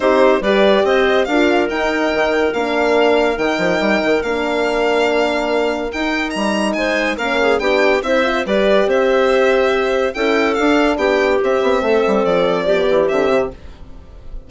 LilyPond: <<
  \new Staff \with { instrumentName = "violin" } { \time 4/4 \tempo 4 = 142 c''4 d''4 dis''4 f''4 | g''2 f''2 | g''2 f''2~ | f''2 g''4 ais''4 |
gis''4 f''4 g''4 e''4 | d''4 e''2. | g''4 f''4 g''4 e''4~ | e''4 d''2 e''4 | }
  \new Staff \with { instrumentName = "clarinet" } { \time 4/4 g'4 b'4 c''4 ais'4~ | ais'1~ | ais'1~ | ais'1 |
c''4 ais'8 gis'8 g'4 c''4 | b'4 c''2. | a'2 g'2 | a'2 g'2 | }
  \new Staff \with { instrumentName = "horn" } { \time 4/4 dis'4 g'2 f'4 | dis'2 d'2 | dis'2 d'2~ | d'2 dis'2~ |
dis'4 cis'4 d'4 e'8 f'8 | g'1 | e'4 d'2 c'4~ | c'2 b4 c'4 | }
  \new Staff \with { instrumentName = "bassoon" } { \time 4/4 c'4 g4 c'4 d'4 | dis'4 dis4 ais2 | dis8 f8 g8 dis8 ais2~ | ais2 dis'4 g4 |
gis4 ais4 b4 c'4 | g4 c'2. | cis'4 d'4 b4 c'8 b8 | a8 g8 f4. e8 d8 c8 | }
>>